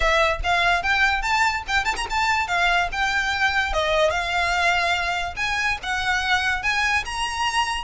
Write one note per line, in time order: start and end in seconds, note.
0.00 0.40 E5
0.43 0.82 F5
0.82 1.22 G5
1.22 1.63 A5
1.67 1.85 G5
1.85 1.95 A5
1.96 2.06 A#5
2.10 2.47 A5
2.47 2.89 F5
2.92 3.73 G5
3.73 4.10 D#5
4.10 5.34 F5
5.36 5.77 G#5
5.82 6.62 F#5
6.62 7.04 G#5
7.05 7.84 A#5